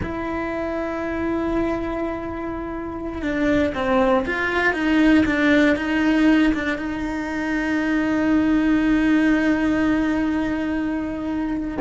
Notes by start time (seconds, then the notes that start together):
0.02 E4
3.21 D4
3.74 C4
4.25 F4
4.73 D#4
5.25 D4
5.76 D#4
6.54 D4
6.78 D#4